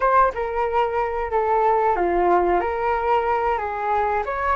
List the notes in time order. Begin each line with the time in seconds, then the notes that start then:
0.00 C5
0.34 A#4
1.31 A4
1.96 F4
2.60 A#4
3.58 G#4
4.25 C#5